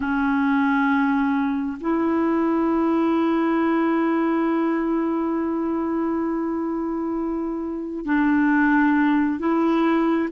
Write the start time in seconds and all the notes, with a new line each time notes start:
0.00 C#4
1.80 E4
8.05 D4
9.39 E4